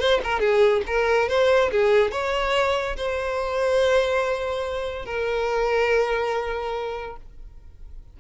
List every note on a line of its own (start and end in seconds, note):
0.00 0.21 C5
0.24 0.40 A#4
0.40 0.82 G#4
0.87 1.29 A#4
1.29 1.71 C5
1.71 2.12 G#4
2.12 2.96 C#5
2.97 5.06 C5
5.06 7.17 A#4